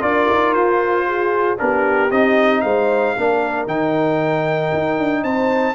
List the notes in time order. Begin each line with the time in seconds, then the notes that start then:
0.00 D4 F4 A#4 D5
0.29 D#4
0.52 F4 C5
1.06 G#4
1.57 B3 D4 G4 A#4
2.11 C4 D#4 D#5
2.61 G#3 C5 F5
3.15 A#3 D4 A#4
3.66 D#3 D#4 G5
4.73 D#4
4.98 D4
5.23 C4 C5 A5